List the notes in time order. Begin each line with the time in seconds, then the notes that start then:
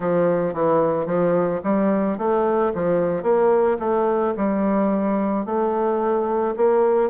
0.00 F3
0.53 E3
1.06 F3
1.63 G3
2.18 A3
2.74 F3
3.22 A#3
3.79 A3
4.36 G3
5.45 A3
6.56 A#3